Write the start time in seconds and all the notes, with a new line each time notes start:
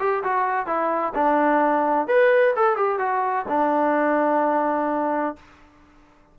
0.00 G4
0.24 F#4
0.67 E4
1.15 D4
2.08 B4
2.56 A4
2.77 G4
2.99 F#4
3.49 D4